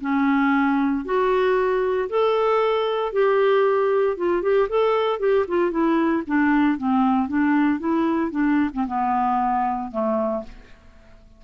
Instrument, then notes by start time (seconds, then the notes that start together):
clarinet
0.00 C#4
1.04 F#4
2.09 A4
3.12 G4
4.16 F4
4.42 G4
4.69 A4
5.19 G4
5.47 F4
5.70 E4
6.26 D4
6.77 C4
7.28 D4
7.79 E4
8.31 D4
8.73 C4
8.87 B3
9.91 A3